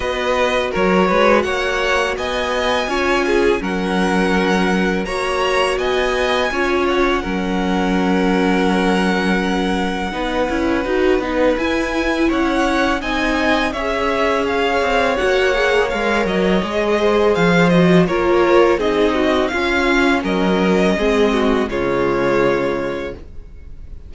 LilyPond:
<<
  \new Staff \with { instrumentName = "violin" } { \time 4/4 \tempo 4 = 83 dis''4 cis''4 fis''4 gis''4~ | gis''4 fis''2 ais''4 | gis''4. fis''2~ fis''8~ | fis''1 |
gis''4 fis''4 gis''4 e''4 | f''4 fis''4 f''8 dis''4. | f''8 dis''8 cis''4 dis''4 f''4 | dis''2 cis''2 | }
  \new Staff \with { instrumentName = "violin" } { \time 4/4 b'4 ais'8 b'8 cis''4 dis''4 | cis''8 gis'8 ais'2 cis''4 | dis''4 cis''4 ais'2~ | ais'2 b'2~ |
b'4 cis''4 dis''4 cis''4~ | cis''2.~ cis''8 c''8~ | c''4 ais'4 gis'8 fis'8 f'4 | ais'4 gis'8 fis'8 f'2 | }
  \new Staff \with { instrumentName = "viola" } { \time 4/4 fis'1 | f'4 cis'2 fis'4~ | fis'4 f'4 cis'2~ | cis'2 dis'8 e'8 fis'8 dis'8 |
e'2 dis'4 gis'4~ | gis'4 fis'8 gis'8 ais'4 gis'4~ | gis'8 fis'8 f'4 dis'4 cis'4~ | cis'4 c'4 gis2 | }
  \new Staff \with { instrumentName = "cello" } { \time 4/4 b4 fis8 gis8 ais4 b4 | cis'4 fis2 ais4 | b4 cis'4 fis2~ | fis2 b8 cis'8 dis'8 b8 |
e'4 cis'4 c'4 cis'4~ | cis'8 c'8 ais4 gis8 fis8 gis4 | f4 ais4 c'4 cis'4 | fis4 gis4 cis2 | }
>>